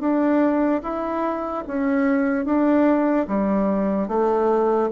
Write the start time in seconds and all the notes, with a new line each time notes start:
0.00 D4
0.83 E4
1.67 C#4
2.45 D4
3.28 G3
4.08 A3